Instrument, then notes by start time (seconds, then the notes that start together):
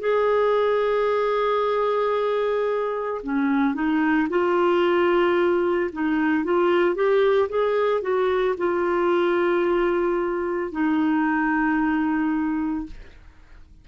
clarinet
0.00 G#4
3.23 C#4
3.75 D#4
4.30 F4
5.93 D#4
6.44 F4
6.95 G4
7.50 G#4
8.02 F#4
8.58 F4
10.72 D#4